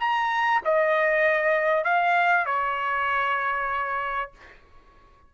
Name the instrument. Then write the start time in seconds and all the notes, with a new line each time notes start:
trumpet
0.00 A#5
0.65 D#5
1.84 F5
2.46 C#5